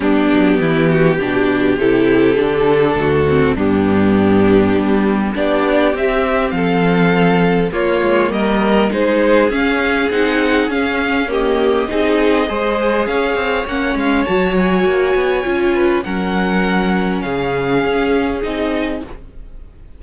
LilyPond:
<<
  \new Staff \with { instrumentName = "violin" } { \time 4/4 \tempo 4 = 101 g'2. a'4~ | a'2 g'2~ | g'4 d''4 e''4 f''4~ | f''4 cis''4 dis''4 c''4 |
f''4 fis''4 f''4 dis''4~ | dis''2 f''4 fis''8 f''8 | a''8 gis''2~ gis''8 fis''4~ | fis''4 f''2 dis''4 | }
  \new Staff \with { instrumentName = "violin" } { \time 4/4 d'4 e'8 fis'8 g'2~ | g'4 fis'4 d'2~ | d'4 g'2 a'4~ | a'4 f'4 ais'4 gis'4~ |
gis'2. g'4 | gis'4 c''4 cis''2~ | cis''2~ cis''8 b'8 ais'4~ | ais'4 gis'2. | }
  \new Staff \with { instrumentName = "viola" } { \time 4/4 b2 d'4 e'4 | d'4. c'8 b2~ | b4 d'4 c'2~ | c'4 ais2 dis'4 |
cis'4 dis'4 cis'4 ais4 | dis'4 gis'2 cis'4 | fis'2 f'4 cis'4~ | cis'2. dis'4 | }
  \new Staff \with { instrumentName = "cello" } { \time 4/4 g8 fis8 e4 b,4 c4 | d4 d,4 g,2 | g4 b4 c'4 f4~ | f4 ais8 gis8 g4 gis4 |
cis'4 c'4 cis'2 | c'4 gis4 cis'8 c'8 ais8 gis8 | fis4 ais8 b8 cis'4 fis4~ | fis4 cis4 cis'4 c'4 | }
>>